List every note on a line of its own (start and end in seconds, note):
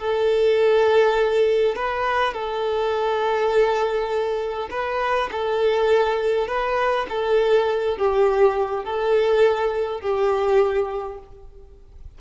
0.00 1.76 A4
1.76 2.34 B4
2.34 4.69 A4
4.71 5.30 B4
5.32 6.48 A4
6.48 7.07 B4
7.10 7.98 A4
7.98 8.85 G4
8.85 10.01 A4
10.01 11.19 G4